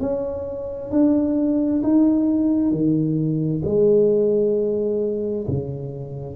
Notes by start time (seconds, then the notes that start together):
0.00 C#4
0.91 D4
1.83 D#4
2.71 D#3
3.64 G#3
5.47 C#3